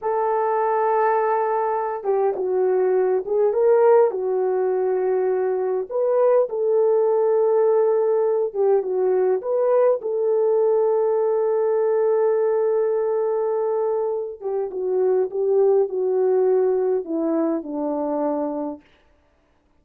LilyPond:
\new Staff \with { instrumentName = "horn" } { \time 4/4 \tempo 4 = 102 a'2.~ a'8 g'8 | fis'4. gis'8 ais'4 fis'4~ | fis'2 b'4 a'4~ | a'2~ a'8 g'8 fis'4 |
b'4 a'2.~ | a'1~ | a'8 g'8 fis'4 g'4 fis'4~ | fis'4 e'4 d'2 | }